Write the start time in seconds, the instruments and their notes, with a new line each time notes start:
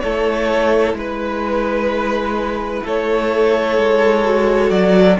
0.00 cello A3, viola E4, violin A4 C#5
0.94 cello G#3, violin B4
1.00 violin B4
2.84 cello A3, violin A4 C#5
3.78 cello G#3
4.25 viola F#4
4.71 cello F#3, violin D5